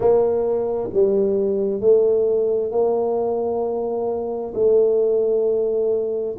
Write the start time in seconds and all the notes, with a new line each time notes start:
0.00 A#3
0.93 G3
1.80 A3
2.71 A#3
4.54 A3